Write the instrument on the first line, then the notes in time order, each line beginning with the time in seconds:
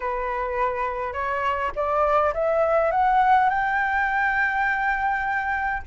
flute
0.00 B4
1.13 C#5
1.75 D5
2.34 E5
2.91 F#5
3.49 G5